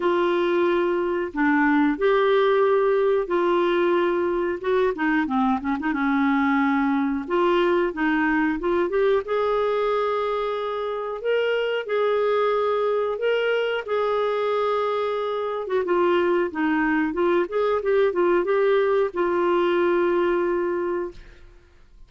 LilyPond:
\new Staff \with { instrumentName = "clarinet" } { \time 4/4 \tempo 4 = 91 f'2 d'4 g'4~ | g'4 f'2 fis'8 dis'8 | c'8 cis'16 dis'16 cis'2 f'4 | dis'4 f'8 g'8 gis'2~ |
gis'4 ais'4 gis'2 | ais'4 gis'2~ gis'8. fis'16 | f'4 dis'4 f'8 gis'8 g'8 f'8 | g'4 f'2. | }